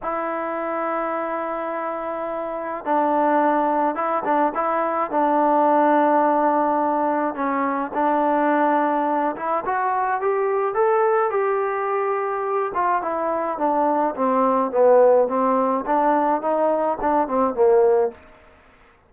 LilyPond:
\new Staff \with { instrumentName = "trombone" } { \time 4/4 \tempo 4 = 106 e'1~ | e'4 d'2 e'8 d'8 | e'4 d'2.~ | d'4 cis'4 d'2~ |
d'8 e'8 fis'4 g'4 a'4 | g'2~ g'8 f'8 e'4 | d'4 c'4 b4 c'4 | d'4 dis'4 d'8 c'8 ais4 | }